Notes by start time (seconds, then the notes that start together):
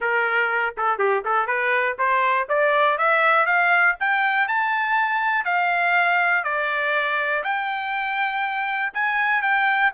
0.00 A#4
0.77 A4
0.98 G4
1.24 A4
1.47 B4
1.98 C5
2.48 D5
2.98 E5
3.46 F5
3.99 G5
4.47 A5
5.45 F5
6.43 D5
7.43 G5
8.93 G#5
9.41 G5